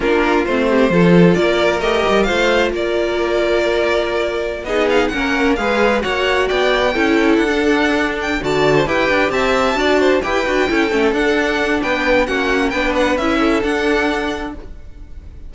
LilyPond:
<<
  \new Staff \with { instrumentName = "violin" } { \time 4/4 \tempo 4 = 132 ais'4 c''2 d''4 | dis''4 f''4 d''2~ | d''2~ d''16 dis''8 f''8 fis''8.~ | fis''16 f''4 fis''4 g''4.~ g''16~ |
g''16 fis''4.~ fis''16 g''8 a''4 g''8~ | g''8 a''2 g''4.~ | g''8 fis''4. g''4 fis''4 | g''8 fis''8 e''4 fis''2 | }
  \new Staff \with { instrumentName = "violin" } { \time 4/4 f'4. g'8 a'4 ais'4~ | ais'4 c''4 ais'2~ | ais'2~ ais'16 gis'4 ais'8.~ | ais'16 b'4 cis''4 d''4 a'8.~ |
a'2~ a'8 d''8. c''16 b'8~ | b'8 e''4 d''8 c''8 b'4 a'8~ | a'2 b'4 fis'4 | b'4. a'2~ a'8 | }
  \new Staff \with { instrumentName = "viola" } { \time 4/4 d'4 c'4 f'2 | g'4 f'2.~ | f'2~ f'16 dis'4 cis'8.~ | cis'16 gis'4 fis'2 e'8.~ |
e'8 d'2 fis'4 g'8~ | g'4. fis'4 g'8 fis'8 e'8 | cis'8 d'2~ d'8 cis'4 | d'4 e'4 d'2 | }
  \new Staff \with { instrumentName = "cello" } { \time 4/4 ais4 a4 f4 ais4 | a8 g8 a4 ais2~ | ais2~ ais16 b4 ais8.~ | ais16 gis4 ais4 b4 cis'8.~ |
cis'16 d'2~ d'16 d4 e'8 | d'8 c'4 d'4 e'8 d'8 cis'8 | a8 d'4. b4 ais4 | b4 cis'4 d'2 | }
>>